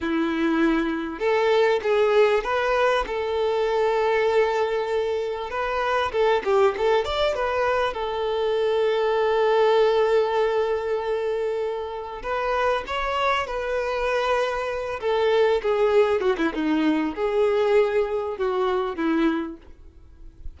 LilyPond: \new Staff \with { instrumentName = "violin" } { \time 4/4 \tempo 4 = 98 e'2 a'4 gis'4 | b'4 a'2.~ | a'4 b'4 a'8 g'8 a'8 d''8 | b'4 a'2.~ |
a'1 | b'4 cis''4 b'2~ | b'8 a'4 gis'4 fis'16 e'16 dis'4 | gis'2 fis'4 e'4 | }